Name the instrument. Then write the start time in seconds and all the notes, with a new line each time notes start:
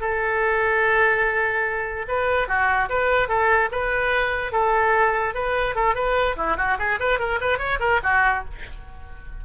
oboe
0.00 A4
2.08 B4
2.47 F#4
2.89 B4
3.28 A4
3.71 B4
4.52 A4
5.34 B4
5.75 A4
5.94 B4
6.36 E4
6.57 F#4
6.78 G#4
6.99 B4
7.19 A#4
7.40 B4
7.58 C#5
7.79 A#4
8.03 F#4